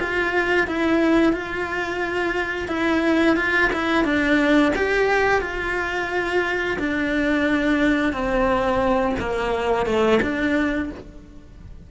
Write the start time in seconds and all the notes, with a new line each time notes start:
0.00 F4
0.68 E4
1.33 F4
2.68 E4
3.37 F4
3.73 E4
4.05 D4
4.76 G4
5.41 F4
6.79 D4
8.13 C4
9.20 A#3
9.86 A3
10.22 D4